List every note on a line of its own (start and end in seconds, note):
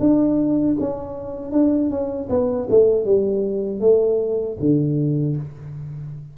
0.00 0.77 D4
0.80 1.52 C#4
1.52 1.90 D4
1.90 2.29 C#4
2.29 2.68 B3
2.70 3.05 A3
3.05 3.80 G3
3.80 4.57 A3
4.60 5.37 D3